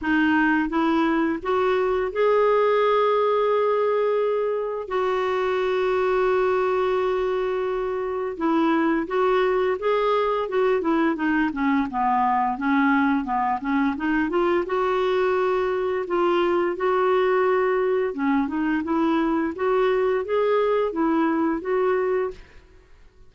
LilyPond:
\new Staff \with { instrumentName = "clarinet" } { \time 4/4 \tempo 4 = 86 dis'4 e'4 fis'4 gis'4~ | gis'2. fis'4~ | fis'1 | e'4 fis'4 gis'4 fis'8 e'8 |
dis'8 cis'8 b4 cis'4 b8 cis'8 | dis'8 f'8 fis'2 f'4 | fis'2 cis'8 dis'8 e'4 | fis'4 gis'4 e'4 fis'4 | }